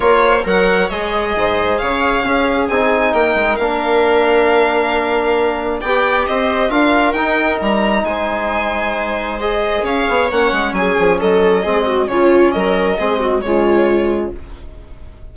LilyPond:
<<
  \new Staff \with { instrumentName = "violin" } { \time 4/4 \tempo 4 = 134 cis''4 fis''4 dis''2 | f''2 gis''4 g''4 | f''1~ | f''4 g''4 dis''4 f''4 |
g''4 ais''4 gis''2~ | gis''4 dis''4 f''4 fis''4 | gis''4 dis''2 cis''4 | dis''2 cis''2 | }
  \new Staff \with { instrumentName = "viola" } { \time 4/4 ais'8 c''8 cis''2 c''4 | cis''4 gis'2 ais'4~ | ais'1~ | ais'4 d''4 c''4 ais'4~ |
ais'2 c''2~ | c''2 cis''2 | gis'4 a'4 gis'8 fis'8 f'4 | ais'4 gis'8 fis'8 f'2 | }
  \new Staff \with { instrumentName = "trombone" } { \time 4/4 f'4 ais'4 gis'2~ | gis'4 cis'4 dis'2 | d'1~ | d'4 g'2 f'4 |
dis'1~ | dis'4 gis'2 cis'4~ | cis'2 c'4 cis'4~ | cis'4 c'4 gis2 | }
  \new Staff \with { instrumentName = "bassoon" } { \time 4/4 ais4 fis4 gis4 gis,4 | cis4 cis'4 c'4 ais8 gis8 | ais1~ | ais4 b4 c'4 d'4 |
dis'4 g4 gis2~ | gis2 cis'8 b8 ais8 gis8 | fis8 f8 fis4 gis4 cis4 | fis4 gis4 cis2 | }
>>